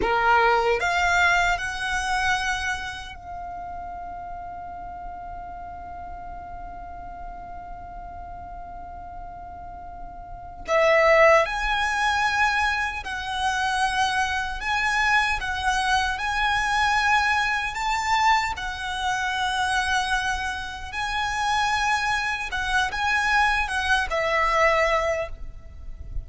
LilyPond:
\new Staff \with { instrumentName = "violin" } { \time 4/4 \tempo 4 = 76 ais'4 f''4 fis''2 | f''1~ | f''1~ | f''4. e''4 gis''4.~ |
gis''8 fis''2 gis''4 fis''8~ | fis''8 gis''2 a''4 fis''8~ | fis''2~ fis''8 gis''4.~ | gis''8 fis''8 gis''4 fis''8 e''4. | }